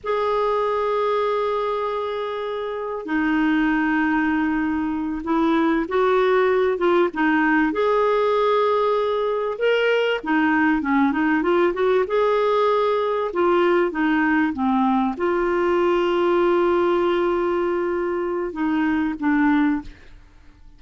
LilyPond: \new Staff \with { instrumentName = "clarinet" } { \time 4/4 \tempo 4 = 97 gis'1~ | gis'4 dis'2.~ | dis'8 e'4 fis'4. f'8 dis'8~ | dis'8 gis'2. ais'8~ |
ais'8 dis'4 cis'8 dis'8 f'8 fis'8 gis'8~ | gis'4. f'4 dis'4 c'8~ | c'8 f'2.~ f'8~ | f'2 dis'4 d'4 | }